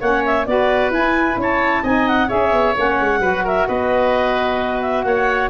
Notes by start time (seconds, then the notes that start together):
0.00 A#3 C#4 C#5 F#5
0.25 E5
0.45 B3 F#4 B4 D5
0.90 E4 G#5
1.36 C#4 C#5 A5
1.82 C4 D#4 D#5 G#5
2.07 F#5
2.28 C#4 G#4 C#5 E5
2.52 B3
2.74 A#3 C#4 F#5
3.00 G#3
3.19 F#3 F#4 B4
3.44 A#4 E5
3.67 B3 B4 D#5
4.81 E5
5.03 A#3 C#5 F#5